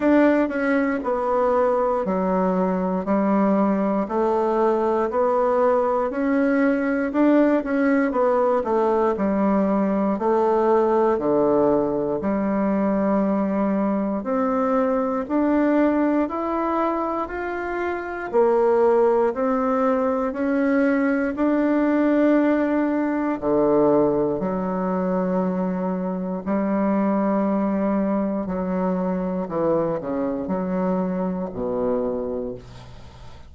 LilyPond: \new Staff \with { instrumentName = "bassoon" } { \time 4/4 \tempo 4 = 59 d'8 cis'8 b4 fis4 g4 | a4 b4 cis'4 d'8 cis'8 | b8 a8 g4 a4 d4 | g2 c'4 d'4 |
e'4 f'4 ais4 c'4 | cis'4 d'2 d4 | fis2 g2 | fis4 e8 cis8 fis4 b,4 | }